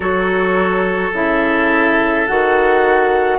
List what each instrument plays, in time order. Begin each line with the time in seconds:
0.00 bassoon F#3, clarinet F#4, oboe A4, flute C#5
1.12 bassoon C#3, clarinet E4, flute E5
2.27 bassoon D#3, clarinet F#4, flute F#5